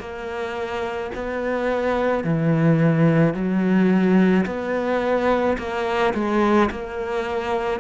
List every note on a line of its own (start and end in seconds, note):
0.00 1.11 A#3
1.15 2.24 B3
2.24 3.34 E3
3.34 4.45 F#3
4.46 5.57 B3
5.58 6.14 A#3
6.14 6.70 G#3
6.71 7.80 A#3